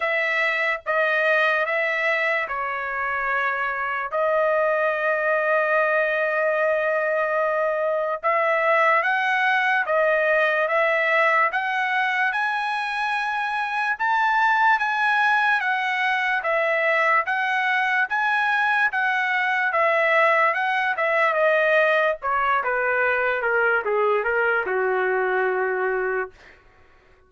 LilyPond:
\new Staff \with { instrumentName = "trumpet" } { \time 4/4 \tempo 4 = 73 e''4 dis''4 e''4 cis''4~ | cis''4 dis''2.~ | dis''2 e''4 fis''4 | dis''4 e''4 fis''4 gis''4~ |
gis''4 a''4 gis''4 fis''4 | e''4 fis''4 gis''4 fis''4 | e''4 fis''8 e''8 dis''4 cis''8 b'8~ | b'8 ais'8 gis'8 ais'8 fis'2 | }